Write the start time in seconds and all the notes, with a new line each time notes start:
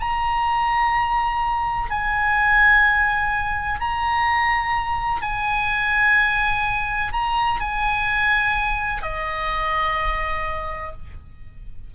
0.00 A#5
1.90 G#5
3.81 A#5
5.22 G#5
7.13 A#5
7.60 G#5
9.02 D#5